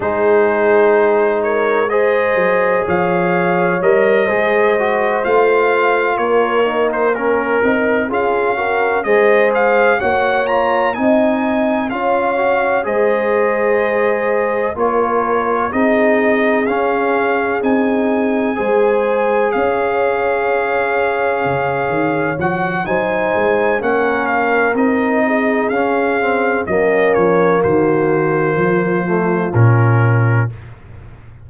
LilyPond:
<<
  \new Staff \with { instrumentName = "trumpet" } { \time 4/4 \tempo 4 = 63 c''4. cis''8 dis''4 f''4 | dis''4. f''4 cis''8. c''16 ais'8~ | ais'8 f''4 dis''8 f''8 fis''8 ais''8 gis''8~ | gis''8 f''4 dis''2 cis''8~ |
cis''8 dis''4 f''4 gis''4.~ | gis''8 f''2. fis''8 | gis''4 fis''8 f''8 dis''4 f''4 | dis''8 cis''8 c''2 ais'4 | }
  \new Staff \with { instrumentName = "horn" } { \time 4/4 gis'4. ais'8 c''4 cis''4~ | cis''8 c''2 ais'4.~ | ais'8 gis'8 ais'8 c''4 cis''4 dis''8~ | dis''8 cis''4 c''2 ais'8~ |
ais'8 gis'2. c''8~ | c''8 cis''2.~ cis''8 | c''4 ais'4. gis'4. | cis'4 fis'4 f'2 | }
  \new Staff \with { instrumentName = "trombone" } { \time 4/4 dis'2 gis'2 | ais'8 gis'8 fis'8 f'4. dis'8 cis'8 | dis'8 f'8 fis'8 gis'4 fis'8 f'8 dis'8~ | dis'8 f'8 fis'8 gis'2 f'8~ |
f'8 dis'4 cis'4 dis'4 gis'8~ | gis'2.~ gis'8 fis'8 | dis'4 cis'4 dis'4 cis'8 c'8 | ais2~ ais8 a8 cis'4 | }
  \new Staff \with { instrumentName = "tuba" } { \time 4/4 gis2~ gis8 fis8 f4 | g8 gis4 a4 ais4. | c'8 cis'4 gis4 ais4 c'8~ | c'8 cis'4 gis2 ais8~ |
ais8 c'4 cis'4 c'4 gis8~ | gis8 cis'2 cis8 dis8 f8 | fis8 gis8 ais4 c'4 cis'4 | fis8 f8 dis4 f4 ais,4 | }
>>